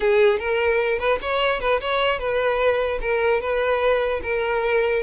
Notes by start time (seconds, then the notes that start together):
0.00 G#4
0.39 A#4
0.99 B4
1.21 C#5
1.60 B4
1.81 C#5
2.19 B4
3.01 A#4
3.40 B4
4.23 A#4